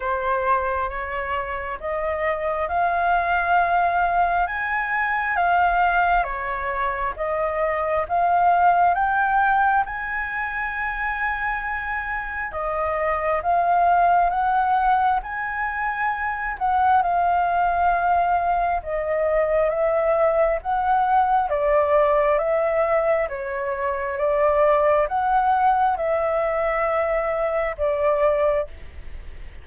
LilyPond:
\new Staff \with { instrumentName = "flute" } { \time 4/4 \tempo 4 = 67 c''4 cis''4 dis''4 f''4~ | f''4 gis''4 f''4 cis''4 | dis''4 f''4 g''4 gis''4~ | gis''2 dis''4 f''4 |
fis''4 gis''4. fis''8 f''4~ | f''4 dis''4 e''4 fis''4 | d''4 e''4 cis''4 d''4 | fis''4 e''2 d''4 | }